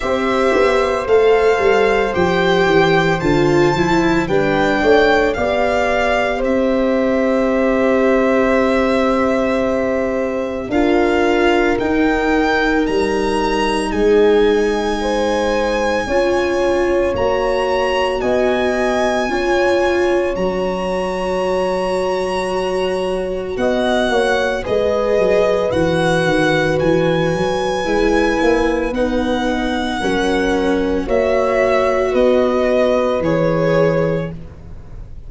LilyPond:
<<
  \new Staff \with { instrumentName = "violin" } { \time 4/4 \tempo 4 = 56 e''4 f''4 g''4 a''4 | g''4 f''4 e''2~ | e''2 f''4 g''4 | ais''4 gis''2. |
ais''4 gis''2 ais''4~ | ais''2 fis''4 dis''4 | fis''4 gis''2 fis''4~ | fis''4 e''4 dis''4 cis''4 | }
  \new Staff \with { instrumentName = "horn" } { \time 4/4 c''1 | b'8 cis''8 d''4 c''2~ | c''2 ais'2~ | ais'4 gis'4 c''4 cis''4~ |
cis''4 dis''4 cis''2~ | cis''2 dis''8 cis''8 b'4~ | b'1 | ais'4 cis''4 b'2 | }
  \new Staff \with { instrumentName = "viola" } { \time 4/4 g'4 a'4 g'4 f'8 e'8 | d'4 g'2.~ | g'2 f'4 dis'4~ | dis'2. f'4 |
fis'2 f'4 fis'4~ | fis'2. gis'4 | fis'2 e'4 dis'4 | cis'4 fis'2 gis'4 | }
  \new Staff \with { instrumentName = "tuba" } { \time 4/4 c'8 b8 a8 g8 f8 e8 d8 f8 | g8 a8 b4 c'2~ | c'2 d'4 dis'4 | g4 gis2 cis'4 |
ais4 b4 cis'4 fis4~ | fis2 b8 ais8 gis8 fis8 | e8 dis8 e8 fis8 gis8 ais8 b4 | fis4 ais4 b4 e4 | }
>>